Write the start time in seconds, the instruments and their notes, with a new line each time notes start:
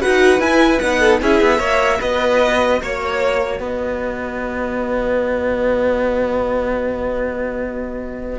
0.00 cello D#4, viola F#4, violin B4 F#5
0.40 cello E4, viola E4, violin G#5
0.79 cello B3, viola D#4, violin F#5
0.99 violin A4
1.21 cello C#4, viola E4, violin G#4 E5
1.40 cello B3
1.58 cello A#3, viola F#4, violin C#5
1.99 cello B3, violin B4 D#5
2.82 cello A#3, violin C#5
3.60 cello B3, violin B4 D#5